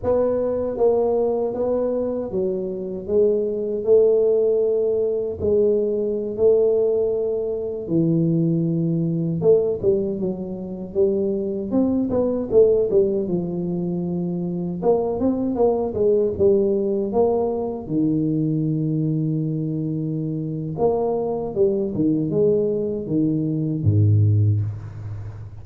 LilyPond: \new Staff \with { instrumentName = "tuba" } { \time 4/4 \tempo 4 = 78 b4 ais4 b4 fis4 | gis4 a2 gis4~ | gis16 a2 e4.~ e16~ | e16 a8 g8 fis4 g4 c'8 b16~ |
b16 a8 g8 f2 ais8 c'16~ | c'16 ais8 gis8 g4 ais4 dis8.~ | dis2. ais4 | g8 dis8 gis4 dis4 gis,4 | }